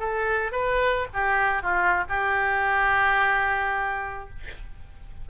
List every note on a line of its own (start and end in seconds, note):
0.00 0.53 A4
0.53 1.08 B4
1.14 1.63 G4
1.63 2.04 F4
2.10 4.30 G4